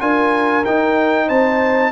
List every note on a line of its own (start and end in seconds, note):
0.00 0.65 D4
0.00 0.64 F4
0.00 1.27 A#4
0.00 0.65 G#5
0.65 1.29 D#4
0.65 1.92 D#4
0.65 1.29 G5
1.27 1.92 C4
1.27 1.91 C5
1.27 1.92 A5